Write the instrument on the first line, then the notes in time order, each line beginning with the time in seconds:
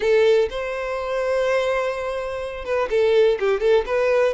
violin
0.00 A4
0.50 C5
2.64 B4
2.90 A4
3.39 G4
3.60 A4
3.86 B4